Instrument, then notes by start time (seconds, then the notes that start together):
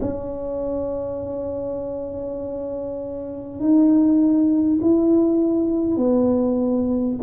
tuba
0.00 C#4
3.59 D#4
4.81 E4
5.97 B3